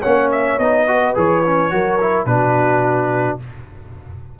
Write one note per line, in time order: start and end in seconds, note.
0.00 0.58 A#3
0.00 0.60 C#4
0.00 0.84 C#5
0.00 0.30 F#5
0.32 0.59 E5
0.58 1.14 B3
0.58 0.87 D#4
0.58 1.15 D#5
0.87 1.15 F#4
0.87 1.73 B4
1.15 1.72 E3
1.15 1.43 G#4
1.15 2.25 C#5
1.46 1.70 C#4
1.70 2.26 F#3
1.70 1.98 F#4
1.70 2.27 A#4
2.01 2.27 E4
2.25 3.38 B2
2.25 3.39 D4
2.25 3.40 F#4
2.25 3.38 B4